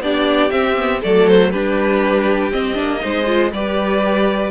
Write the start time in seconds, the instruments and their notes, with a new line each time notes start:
0.00 cello B3, viola D4, violin G4 D5
0.50 viola C4, cello C4, violin E5
0.77 viola B3
1.02 cello F#3, viola A3, violin A4 D5
1.28 violin C5
1.51 cello G3, viola D4, violin G4 B4
2.52 viola C4, cello C4, violin D#5
2.74 cello A#3, viola D4
3.00 cello G#3, viola D#4, violin C5
3.26 viola F4
3.52 cello G3, viola G4, violin B4 D5